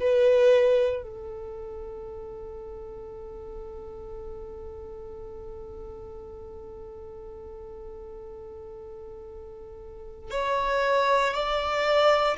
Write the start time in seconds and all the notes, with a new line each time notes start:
0.00 B4
1.03 A4
10.31 C#5
11.34 D5